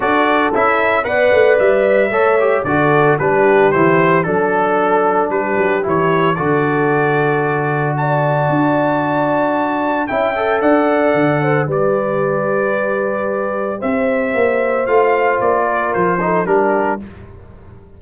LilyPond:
<<
  \new Staff \with { instrumentName = "trumpet" } { \time 4/4 \tempo 4 = 113 d''4 e''4 fis''4 e''4~ | e''4 d''4 b'4 c''4 | a'2 b'4 cis''4 | d''2. a''4~ |
a''2. g''4 | fis''2 d''2~ | d''2 e''2 | f''4 d''4 c''4 ais'4 | }
  \new Staff \with { instrumentName = "horn" } { \time 4/4 a'2 d''2 | cis''4 a'4 g'2 | a'2 g'2 | a'2. d''4~ |
d''2. e''4 | d''4. c''8 b'2~ | b'2 c''2~ | c''4. ais'4 a'8 g'4 | }
  \new Staff \with { instrumentName = "trombone" } { \time 4/4 fis'4 e'4 b'2 | a'8 g'8 fis'4 d'4 e'4 | d'2. e'4 | fis'1~ |
fis'2. e'8 a'8~ | a'2 g'2~ | g'1 | f'2~ f'8 dis'8 d'4 | }
  \new Staff \with { instrumentName = "tuba" } { \time 4/4 d'4 cis'4 b8 a8 g4 | a4 d4 g4 e4 | fis2 g8 fis8 e4 | d1 |
d'2. cis'4 | d'4 d4 g2~ | g2 c'4 ais4 | a4 ais4 f4 g4 | }
>>